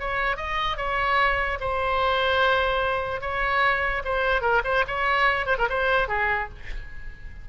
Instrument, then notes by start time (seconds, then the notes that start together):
oboe
0.00 C#5
0.37 D#5
0.77 C#5
1.60 C5
3.22 C#5
4.05 C5
4.42 A#4
4.65 C5
4.88 C#5
5.47 C5
5.58 A#4
5.70 C5
6.09 G#4